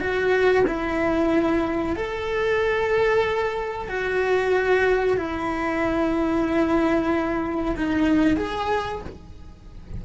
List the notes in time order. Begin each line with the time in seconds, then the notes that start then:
0.00 F#4
0.67 E4
1.96 A4
3.88 F#4
5.17 E4
7.76 D#4
8.37 G#4